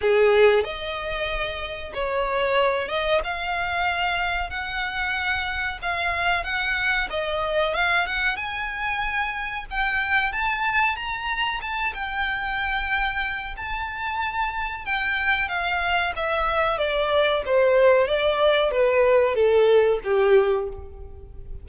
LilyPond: \new Staff \with { instrumentName = "violin" } { \time 4/4 \tempo 4 = 93 gis'4 dis''2 cis''4~ | cis''8 dis''8 f''2 fis''4~ | fis''4 f''4 fis''4 dis''4 | f''8 fis''8 gis''2 g''4 |
a''4 ais''4 a''8 g''4.~ | g''4 a''2 g''4 | f''4 e''4 d''4 c''4 | d''4 b'4 a'4 g'4 | }